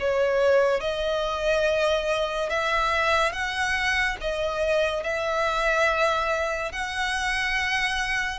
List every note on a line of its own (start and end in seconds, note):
0.00 0.81 C#5
0.81 2.50 D#5
2.50 3.33 E5
3.33 4.17 F#5
4.21 5.04 D#5
5.04 6.73 E5
6.73 8.40 F#5